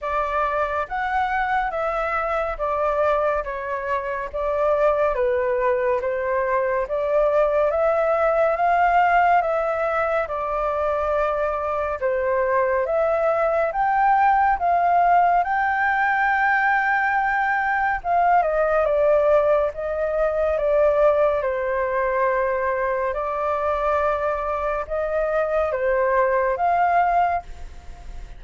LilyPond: \new Staff \with { instrumentName = "flute" } { \time 4/4 \tempo 4 = 70 d''4 fis''4 e''4 d''4 | cis''4 d''4 b'4 c''4 | d''4 e''4 f''4 e''4 | d''2 c''4 e''4 |
g''4 f''4 g''2~ | g''4 f''8 dis''8 d''4 dis''4 | d''4 c''2 d''4~ | d''4 dis''4 c''4 f''4 | }